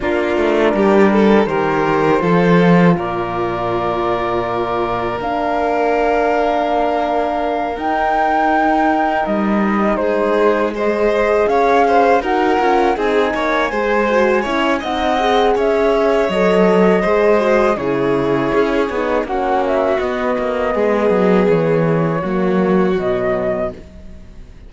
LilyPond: <<
  \new Staff \with { instrumentName = "flute" } { \time 4/4 \tempo 4 = 81 ais'2 c''2 | d''2. f''4~ | f''2~ f''8 g''4.~ | g''8 dis''4 c''4 dis''4 f''8~ |
f''8 fis''4 gis''2~ gis''8 | fis''4 e''4 dis''2 | cis''2 fis''8 e''8 dis''4~ | dis''4 cis''2 dis''4 | }
  \new Staff \with { instrumentName = "violin" } { \time 4/4 f'4 g'8 a'8 ais'4 a'4 | ais'1~ | ais'1~ | ais'4. gis'4 c''4 cis''8 |
c''8 ais'4 gis'8 cis''8 c''4 cis''8 | dis''4 cis''2 c''4 | gis'2 fis'2 | gis'2 fis'2 | }
  \new Staff \with { instrumentName = "horn" } { \time 4/4 d'2 g'4 f'4~ | f'2. d'4~ | d'2~ d'8 dis'4.~ | dis'2~ dis'8 gis'4.~ |
gis'8 fis'8 f'8 dis'4 gis'8 fis'8 e'8 | dis'8 gis'4. a'4 gis'8 fis'8 | e'4. dis'8 cis'4 b4~ | b2 ais4 fis4 | }
  \new Staff \with { instrumentName = "cello" } { \time 4/4 ais8 a8 g4 dis4 f4 | ais,2. ais4~ | ais2~ ais8 dis'4.~ | dis'8 g4 gis2 cis'8~ |
cis'8 dis'8 cis'8 c'8 ais8 gis4 cis'8 | c'4 cis'4 fis4 gis4 | cis4 cis'8 b8 ais4 b8 ais8 | gis8 fis8 e4 fis4 b,4 | }
>>